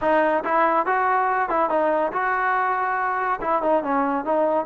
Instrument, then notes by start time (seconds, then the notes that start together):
trombone
0.01 D#4
0.44 E4
0.85 F#4
1.49 E4
1.69 D#4
2.12 F#4
3.41 E4
3.62 D#4
3.83 C#4
4.24 D#4